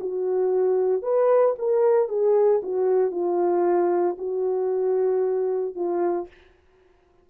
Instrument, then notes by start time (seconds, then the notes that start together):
horn
0.00 F#4
1.02 B4
1.58 A#4
2.08 G#4
2.63 F#4
3.11 F4
4.18 F#4
5.75 F4